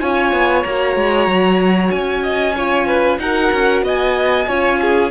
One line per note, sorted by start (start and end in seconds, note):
0.00 0.32 C#4
0.00 0.65 F4
0.00 2.23 C#5
0.00 0.63 G#5
0.32 0.64 B3
0.63 0.96 A#3
0.63 2.56 F#4
0.63 1.91 A#5
0.96 1.27 G#3
1.27 1.91 F#3
1.91 3.18 C#4
1.91 3.18 G#5
2.23 2.55 D#5
2.56 3.20 F4
2.56 2.87 C#5
2.87 3.19 B4
3.18 3.50 D#4
3.18 4.48 F#4
3.18 3.84 A#4
3.18 3.83 F#5
3.52 3.82 C#4
3.82 4.46 B3
3.82 4.47 D#5
3.82 5.11 G#5
4.47 5.11 C#4
4.47 5.11 F4
4.47 4.79 C#5
4.81 5.11 G#4